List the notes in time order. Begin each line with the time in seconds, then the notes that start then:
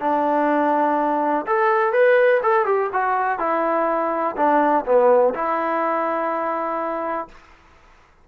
0.00 D4
1.46 A4
1.92 B4
2.43 A4
2.65 G4
2.93 F#4
3.38 E4
4.36 D4
4.85 B3
5.34 E4